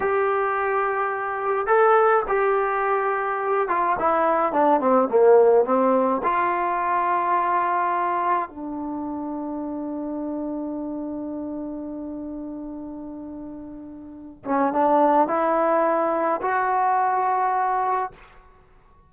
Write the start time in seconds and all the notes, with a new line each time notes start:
0.00 G4
1.66 A4
2.27 G4
3.68 F4
3.99 E4
4.53 D4
4.80 C4
5.08 A#3
5.64 C4
6.23 F4
8.49 D4
14.44 C#4
14.72 D4
15.27 E4
16.42 F#4